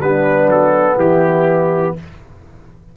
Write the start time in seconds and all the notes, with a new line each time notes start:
0.00 G3 B3 D4 B4
0.47 F#3 A4
0.97 E3 E4 G4